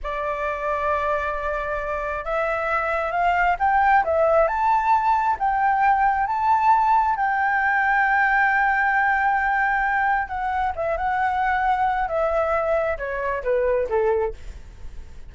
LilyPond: \new Staff \with { instrumentName = "flute" } { \time 4/4 \tempo 4 = 134 d''1~ | d''4 e''2 f''4 | g''4 e''4 a''2 | g''2 a''2 |
g''1~ | g''2. fis''4 | e''8 fis''2~ fis''8 e''4~ | e''4 cis''4 b'4 a'4 | }